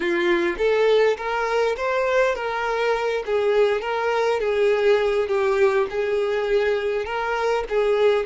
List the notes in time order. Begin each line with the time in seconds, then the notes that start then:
0.00 F4
0.58 A4
1.17 A#4
1.76 C5
2.35 A#4
3.26 G#4
3.81 A#4
4.40 G#4
5.28 G4
5.90 G#4
7.05 A#4
7.69 G#4